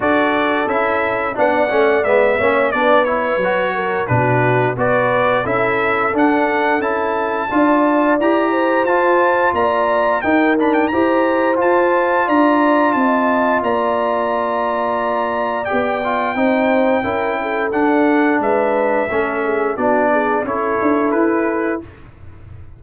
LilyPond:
<<
  \new Staff \with { instrumentName = "trumpet" } { \time 4/4 \tempo 4 = 88 d''4 e''4 fis''4 e''4 | d''8 cis''4. b'4 d''4 | e''4 fis''4 a''2 | ais''4 a''4 ais''4 g''8 b''16 g''16 |
ais''4 a''4 ais''4 a''4 | ais''2. g''4~ | g''2 fis''4 e''4~ | e''4 d''4 cis''4 b'4 | }
  \new Staff \with { instrumentName = "horn" } { \time 4/4 a'2 d''4. cis''8 | b'4. ais'8 fis'4 b'4 | a'2. d''4~ | d''8 c''4. d''4 ais'4 |
c''2 d''4 dis''4 | d''1 | c''4 ais'8 a'4. b'4 | a'8 gis'8 fis'8 gis'8 a'2 | }
  \new Staff \with { instrumentName = "trombone" } { \time 4/4 fis'4 e'4 d'8 cis'8 b8 cis'8 | d'8 e'8 fis'4 d'4 fis'4 | e'4 d'4 e'4 f'4 | g'4 f'2 dis'8 d'8 |
g'4 f'2.~ | f'2. g'8 f'8 | dis'4 e'4 d'2 | cis'4 d'4 e'2 | }
  \new Staff \with { instrumentName = "tuba" } { \time 4/4 d'4 cis'4 b8 a8 gis8 ais8 | b4 fis4 b,4 b4 | cis'4 d'4 cis'4 d'4 | e'4 f'4 ais4 dis'4 |
e'4 f'4 d'4 c'4 | ais2. b4 | c'4 cis'4 d'4 gis4 | a4 b4 cis'8 d'8 e'4 | }
>>